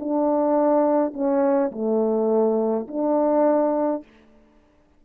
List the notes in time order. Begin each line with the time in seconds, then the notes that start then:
0.00 D4
1.14 C#4
1.72 A3
2.88 D4